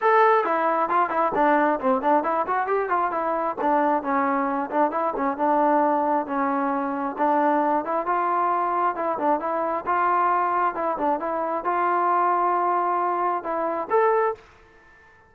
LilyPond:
\new Staff \with { instrumentName = "trombone" } { \time 4/4 \tempo 4 = 134 a'4 e'4 f'8 e'8 d'4 | c'8 d'8 e'8 fis'8 g'8 f'8 e'4 | d'4 cis'4. d'8 e'8 cis'8 | d'2 cis'2 |
d'4. e'8 f'2 | e'8 d'8 e'4 f'2 | e'8 d'8 e'4 f'2~ | f'2 e'4 a'4 | }